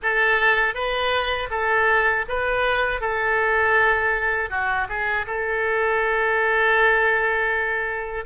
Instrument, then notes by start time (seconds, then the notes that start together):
oboe
0.02 A4
0.74 B4
1.50 A4
2.28 B4
3.00 A4
4.50 F#4
4.88 G#4
5.27 A4